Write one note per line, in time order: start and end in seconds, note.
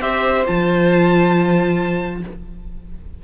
0.00 0.44 C4
0.00 0.45 G4
0.00 2.19 C5
0.00 0.45 E5
0.46 2.23 F3
0.46 2.21 F4
0.46 2.22 A5